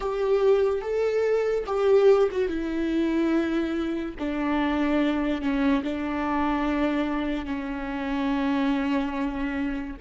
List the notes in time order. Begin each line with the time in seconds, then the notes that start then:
0.00 G4
0.81 A4
1.66 G4
2.31 F#4
2.48 E4
4.19 D4
5.41 C#4
5.83 D4
7.45 C#4